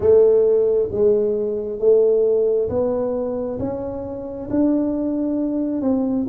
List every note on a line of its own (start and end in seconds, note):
0.00 0.89 A3
0.91 1.79 G#3
1.79 2.68 A3
2.69 3.58 B3
3.59 4.49 C#4
4.50 5.81 D4
5.81 6.26 C4